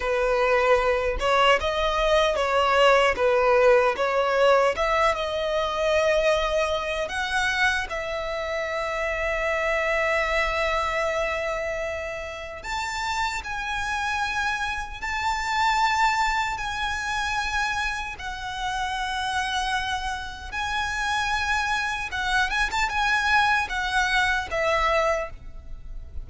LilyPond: \new Staff \with { instrumentName = "violin" } { \time 4/4 \tempo 4 = 76 b'4. cis''8 dis''4 cis''4 | b'4 cis''4 e''8 dis''4.~ | dis''4 fis''4 e''2~ | e''1 |
a''4 gis''2 a''4~ | a''4 gis''2 fis''4~ | fis''2 gis''2 | fis''8 gis''16 a''16 gis''4 fis''4 e''4 | }